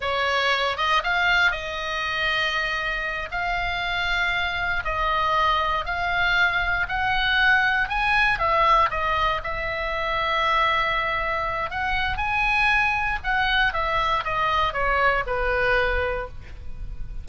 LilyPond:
\new Staff \with { instrumentName = "oboe" } { \time 4/4 \tempo 4 = 118 cis''4. dis''8 f''4 dis''4~ | dis''2~ dis''8 f''4.~ | f''4. dis''2 f''8~ | f''4. fis''2 gis''8~ |
gis''8 e''4 dis''4 e''4.~ | e''2. fis''4 | gis''2 fis''4 e''4 | dis''4 cis''4 b'2 | }